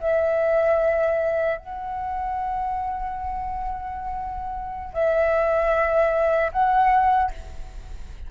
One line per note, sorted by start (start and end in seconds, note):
0.00 1.58 E5
1.58 4.93 F#5
4.93 6.51 E5
6.52 7.31 F#5